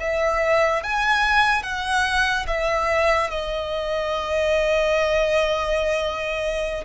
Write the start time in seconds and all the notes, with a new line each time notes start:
0.00 E5
0.84 G#5
1.63 F#5
2.47 E5
3.31 D#5